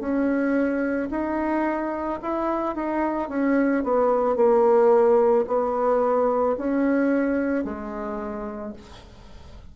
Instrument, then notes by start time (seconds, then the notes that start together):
bassoon
0.00 C#4
1.11 D#4
2.22 E4
2.76 D#4
3.29 C#4
3.84 B3
4.36 A#3
5.48 B3
6.58 C#4
7.65 G#3